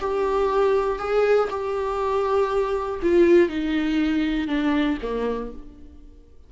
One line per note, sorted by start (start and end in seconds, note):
0.00 0.98 G4
0.98 1.48 G#4
1.50 3.00 G4
3.02 3.49 F4
3.49 4.47 D#4
4.47 4.97 D4
5.01 5.51 A#3